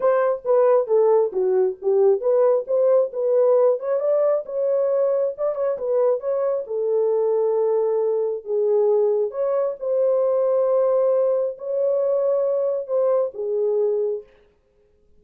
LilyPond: \new Staff \with { instrumentName = "horn" } { \time 4/4 \tempo 4 = 135 c''4 b'4 a'4 fis'4 | g'4 b'4 c''4 b'4~ | b'8 cis''8 d''4 cis''2 | d''8 cis''8 b'4 cis''4 a'4~ |
a'2. gis'4~ | gis'4 cis''4 c''2~ | c''2 cis''2~ | cis''4 c''4 gis'2 | }